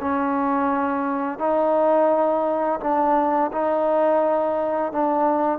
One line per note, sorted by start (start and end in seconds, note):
0.00 1.38 C#4
1.38 2.79 D#4
2.80 3.50 D4
3.52 4.92 D#4
4.92 5.58 D4